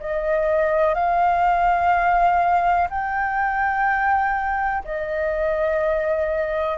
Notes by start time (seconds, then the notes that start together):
0.00 D#5
0.95 F5
2.90 G5
4.84 D#5